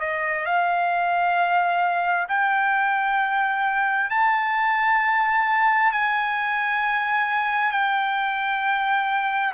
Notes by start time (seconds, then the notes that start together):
0.00 D#5
0.45 F5
2.29 G5
4.10 A5
5.92 G#5
7.71 G5